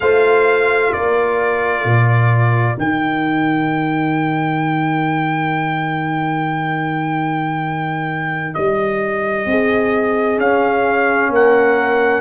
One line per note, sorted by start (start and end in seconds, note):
0.00 0.93 A3
0.00 2.77 F4
0.00 0.92 C5
0.00 0.92 F5
0.92 1.84 A#3
0.92 9.46 A#4
0.92 2.77 D5
1.84 2.76 A#2
2.77 8.54 D#3
2.77 10.38 D#4
2.77 8.54 G5
8.54 9.45 G3
8.54 10.39 D#5
9.45 10.37 C4
9.45 11.32 G#4
10.37 11.29 C#4
10.37 12.21 C#4
10.37 11.32 F5
11.29 12.21 A#3
11.29 12.21 A#4
11.29 12.21 F#5